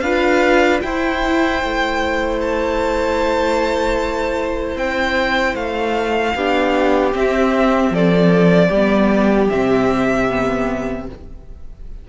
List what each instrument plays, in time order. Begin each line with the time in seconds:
0.00 cello D4, viola F4, violin B4 F5
0.81 viola E4, cello E4, violin C5 G5
1.63 cello A3
2.41 violin A5
4.75 cello C4, violin G5
5.55 cello A3, violin F5
6.35 cello B3, viola D4, violin G4
7.12 viola C4, cello C4, violin E5
7.90 cello F3, violin A4 D5
8.68 cello G3, violin G4
8.74 viola B3
9.49 cello C3, viola C4, violin E5
10.29 viola B3